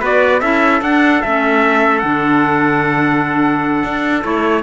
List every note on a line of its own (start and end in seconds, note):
0.00 0.42 B3
0.00 0.42 F#4
0.00 0.40 B4
0.00 0.41 D5
0.41 0.82 C#4
0.41 0.82 E4
0.41 4.64 A4
0.41 0.81 E5
0.82 1.22 D4
0.82 1.25 D4
0.82 1.22 F#5
1.22 2.03 A3
1.22 2.03 C#4
1.22 1.99 E5
1.99 3.84 D3
1.99 4.23 D4
1.99 4.20 F#5
3.84 4.24 D4
4.23 4.64 A3
4.23 4.63 E4
4.23 4.64 C#5